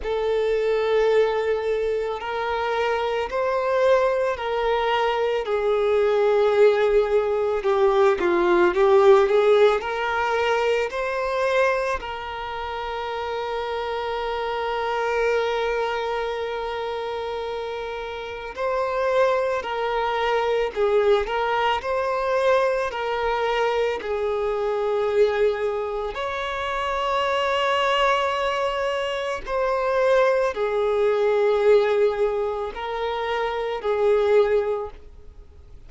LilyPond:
\new Staff \with { instrumentName = "violin" } { \time 4/4 \tempo 4 = 55 a'2 ais'4 c''4 | ais'4 gis'2 g'8 f'8 | g'8 gis'8 ais'4 c''4 ais'4~ | ais'1~ |
ais'4 c''4 ais'4 gis'8 ais'8 | c''4 ais'4 gis'2 | cis''2. c''4 | gis'2 ais'4 gis'4 | }